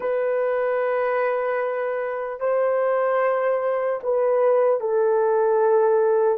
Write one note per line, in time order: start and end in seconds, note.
0.00 2.40 B4
2.40 4.00 C5
4.03 4.80 B4
4.80 6.38 A4